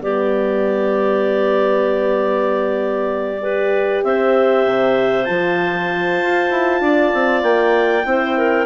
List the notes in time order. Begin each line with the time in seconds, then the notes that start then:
0.00 G3 B3 G4 D5
3.41 G4 B4
4.04 C4 C5 E5
4.66 C3
5.25 F3 F4 A5
6.22 F4
6.51 E4
6.81 D4 D5
7.14 C4
7.43 A#3 G5
8.05 C4 E4 C5
8.38 A#4